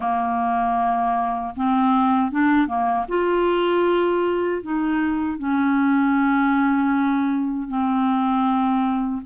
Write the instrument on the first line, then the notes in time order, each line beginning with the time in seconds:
clarinet
0.00 A#3
1.56 C4
2.31 D4
2.67 A#3
3.08 F4
4.62 D#4
5.38 C#4
7.67 C4